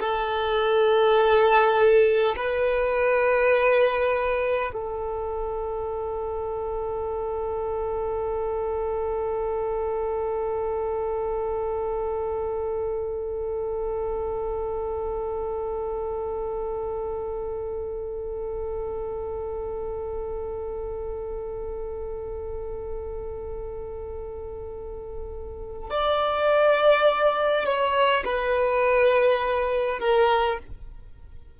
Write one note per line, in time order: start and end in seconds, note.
0.00 2.35 A4
2.36 4.72 B4
4.73 25.90 A4
25.90 27.65 D5
27.65 28.24 C#5
28.25 29.99 B4
29.99 30.58 A#4